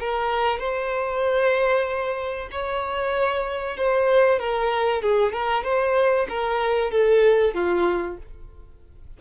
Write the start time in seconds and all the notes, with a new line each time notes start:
0.00 A#4
0.59 C5
2.52 C#5
3.77 C5
4.40 A#4
5.02 G#4
5.33 A#4
5.64 C5
6.29 A#4
6.91 A4
7.54 F4